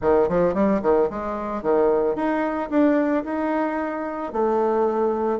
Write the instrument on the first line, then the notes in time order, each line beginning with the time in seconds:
bassoon
0.01 D#3
0.28 F3
0.54 G3
0.82 D#3
1.10 G#3
1.62 D#3
2.15 D#4
2.70 D4
3.24 D#4
4.32 A3